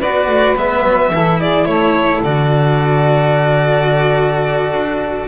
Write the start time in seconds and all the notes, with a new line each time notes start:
0.00 B3 F#4 B4 D5
0.27 A3
0.56 G#3 B3 E5
0.83 F#3
1.11 E3 E4 A4
1.40 G#4 D5
1.65 A3 A4 C#5
2.23 D3 F#4 D5
4.72 D4